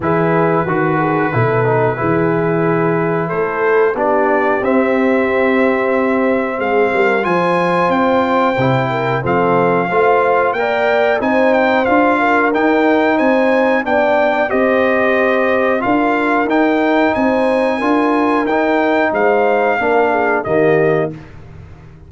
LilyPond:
<<
  \new Staff \with { instrumentName = "trumpet" } { \time 4/4 \tempo 4 = 91 b'1~ | b'4 c''4 d''4 e''4~ | e''2 f''4 gis''4 | g''2 f''2 |
g''4 gis''8 g''8 f''4 g''4 | gis''4 g''4 dis''2 | f''4 g''4 gis''2 | g''4 f''2 dis''4 | }
  \new Staff \with { instrumentName = "horn" } { \time 4/4 gis'4 fis'8 gis'8 a'4 gis'4~ | gis'4 a'4 g'2~ | g'2 gis'8 ais'8 c''4~ | c''4. ais'8 a'4 c''4 |
d''4 c''4. ais'4. | c''4 d''4 c''2 | ais'2 c''4 ais'4~ | ais'4 c''4 ais'8 gis'8 g'4 | }
  \new Staff \with { instrumentName = "trombone" } { \time 4/4 e'4 fis'4 e'8 dis'8 e'4~ | e'2 d'4 c'4~ | c'2. f'4~ | f'4 e'4 c'4 f'4 |
ais'4 dis'4 f'4 dis'4~ | dis'4 d'4 g'2 | f'4 dis'2 f'4 | dis'2 d'4 ais4 | }
  \new Staff \with { instrumentName = "tuba" } { \time 4/4 e4 dis4 b,4 e4~ | e4 a4 b4 c'4~ | c'2 gis8 g8 f4 | c'4 c4 f4 a4 |
ais4 c'4 d'4 dis'4 | c'4 b4 c'2 | d'4 dis'4 c'4 d'4 | dis'4 gis4 ais4 dis4 | }
>>